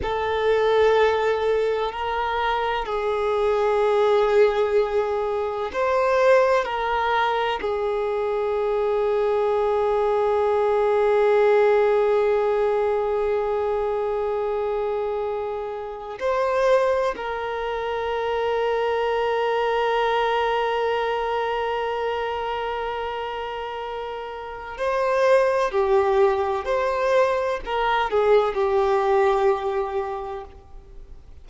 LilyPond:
\new Staff \with { instrumentName = "violin" } { \time 4/4 \tempo 4 = 63 a'2 ais'4 gis'4~ | gis'2 c''4 ais'4 | gis'1~ | gis'1~ |
gis'4 c''4 ais'2~ | ais'1~ | ais'2 c''4 g'4 | c''4 ais'8 gis'8 g'2 | }